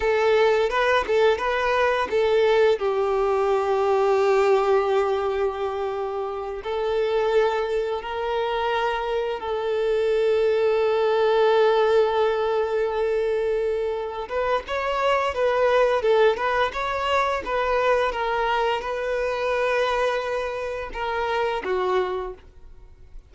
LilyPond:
\new Staff \with { instrumentName = "violin" } { \time 4/4 \tempo 4 = 86 a'4 b'8 a'8 b'4 a'4 | g'1~ | g'4. a'2 ais'8~ | ais'4. a'2~ a'8~ |
a'1~ | a'8 b'8 cis''4 b'4 a'8 b'8 | cis''4 b'4 ais'4 b'4~ | b'2 ais'4 fis'4 | }